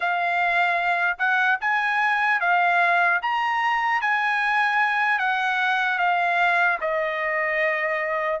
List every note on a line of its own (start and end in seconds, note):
0.00 1.17 F5
1.18 1.58 F#5
1.60 2.40 G#5
2.40 3.20 F5
3.22 4.01 A#5
4.01 5.19 G#5
5.19 5.98 F#5
5.98 6.78 F5
6.80 8.40 D#5